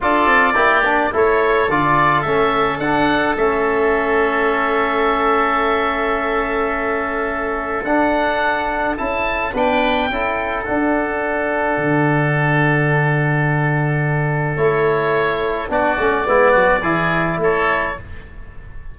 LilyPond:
<<
  \new Staff \with { instrumentName = "oboe" } { \time 4/4 \tempo 4 = 107 d''2 cis''4 d''4 | e''4 fis''4 e''2~ | e''1~ | e''2 fis''2 |
a''4 g''2 fis''4~ | fis''1~ | fis''2 cis''2 | d''2. cis''4 | }
  \new Staff \with { instrumentName = "oboe" } { \time 4/4 a'4 g'4 a'2~ | a'1~ | a'1~ | a'1~ |
a'4 b'4 a'2~ | a'1~ | a'1 | fis'4 e'8 fis'8 gis'4 a'4 | }
  \new Staff \with { instrumentName = "trombone" } { \time 4/4 f'4 e'8 d'8 e'4 f'4 | cis'4 d'4 cis'2~ | cis'1~ | cis'2 d'2 |
e'4 d'4 e'4 d'4~ | d'1~ | d'2 e'2 | d'8 cis'8 b4 e'2 | }
  \new Staff \with { instrumentName = "tuba" } { \time 4/4 d'8 c'8 ais4 a4 d4 | a4 d'4 a2~ | a1~ | a2 d'2 |
cis'4 b4 cis'4 d'4~ | d'4 d2.~ | d2 a2 | b8 a8 gis8 fis8 e4 a4 | }
>>